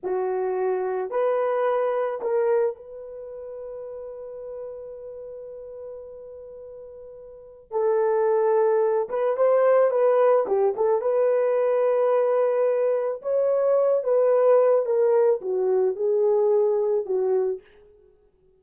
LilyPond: \new Staff \with { instrumentName = "horn" } { \time 4/4 \tempo 4 = 109 fis'2 b'2 | ais'4 b'2.~ | b'1~ | b'2 a'2~ |
a'8 b'8 c''4 b'4 g'8 a'8 | b'1 | cis''4. b'4. ais'4 | fis'4 gis'2 fis'4 | }